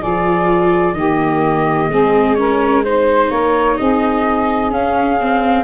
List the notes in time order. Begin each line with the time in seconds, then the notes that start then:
0.00 F3 F4 G#4 D5
0.93 D#3 G4 D#5
0.99 A#3
1.89 G#3 C4 G#4
2.35 C#4 A#4 C#5
2.84 D#4 C5
3.30 A#3 A#4 C#5
3.77 C4 G#4 D#5
4.71 C#4 F5
5.21 C4